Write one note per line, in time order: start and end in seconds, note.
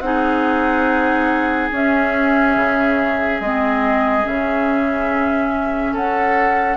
0.00 1.69 C4
0.00 1.72 D#4
0.00 5.93 G#4
0.00 1.69 F#5
1.72 2.56 C#4
1.72 3.42 C#4
1.72 3.42 E5
2.56 3.40 C#3
3.40 4.25 G#3
3.40 4.23 C4
3.40 4.26 D#5
4.23 5.93 C#3
4.23 6.76 C#4
4.23 5.95 E5
5.93 6.77 C#4
5.93 6.77 A4
5.93 6.77 F#5